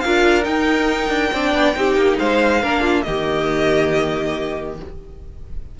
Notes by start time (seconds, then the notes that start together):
0.00 D4 F4 A#4 F5
0.42 D#4 G5
1.10 D4
1.33 C4 D4 D5
1.53 B3
1.75 C4 D#4 G4
1.96 A#3
2.19 G#3 C5 F5
2.62 A#3 D4 A#4
2.80 F4
3.02 D#3 A#3 G4 D#5